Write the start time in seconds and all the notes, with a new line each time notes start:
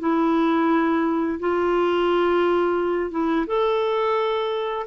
0.00 E4
1.40 F4
3.11 E4
3.47 A4